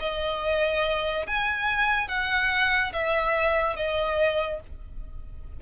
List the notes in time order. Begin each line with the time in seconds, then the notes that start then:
0.00 D#5
1.27 G#5
2.08 F#5
2.93 E5
3.76 D#5